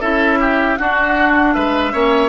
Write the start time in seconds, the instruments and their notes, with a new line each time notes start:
0.00 bassoon C#4, clarinet E4, oboe A4, flute E5
0.40 oboe G4
0.77 clarinet D4, bassoon D4, oboe F#4, flute F#5
1.54 bassoon G#3, oboe B4, flute E5
1.92 bassoon A#3, clarinet C#4, oboe C#5